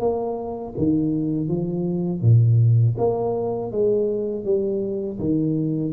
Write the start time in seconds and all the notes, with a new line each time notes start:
0.00 A#3
0.77 D#3
1.48 F3
2.22 A#2
2.98 A#3
3.71 G#3
4.44 G3
5.19 D#3